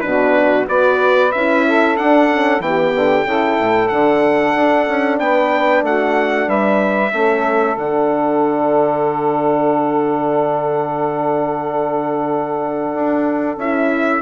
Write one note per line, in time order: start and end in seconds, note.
0.00 0.68 B2
0.00 0.66 D4
0.00 0.68 F#4
0.00 0.65 B4
0.66 1.32 B3
0.66 1.30 F#4
0.66 1.66 B4
0.66 1.31 D5
1.31 1.97 C#4
1.31 1.97 E4
1.31 1.96 E5
1.66 2.63 A4
1.96 2.29 D4
1.96 2.59 D4
1.96 2.61 F#5
2.29 2.61 C#4
2.59 2.92 E3
2.59 3.24 B3
2.59 3.26 G4
2.59 3.88 G5
2.96 3.25 D3
3.24 3.57 C#3
3.24 3.89 E4
3.24 5.19 A4
3.58 3.91 A2
3.88 4.55 D3
3.88 7.12 D4
3.88 5.17 F#5
4.55 4.87 D4
4.87 5.19 C#4
5.19 5.82 B3
5.19 5.84 B4
5.19 5.83 G5
5.82 6.47 A3
5.82 6.47 F#4
5.82 6.49 F#5
6.47 7.12 G3
6.47 7.11 B4
6.47 7.77 E5
7.12 7.76 A3
7.12 7.76 C#4
7.12 14.22 A4
7.76 12.92 D3
7.76 13.58 D4
7.76 13.58 F#5
12.94 13.57 D4
13.57 14.21 C#4
13.57 14.22 E4
13.57 14.22 E5